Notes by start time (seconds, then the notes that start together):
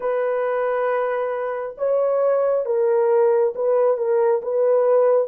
0.00 B4
1.77 C#5
2.65 A#4
3.55 B4
3.97 A#4
4.42 B4